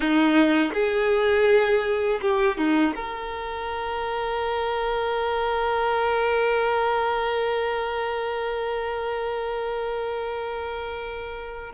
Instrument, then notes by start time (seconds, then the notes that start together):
violin
0.00 D#4
0.73 G#4
2.21 G4
2.57 D#4
2.95 A#4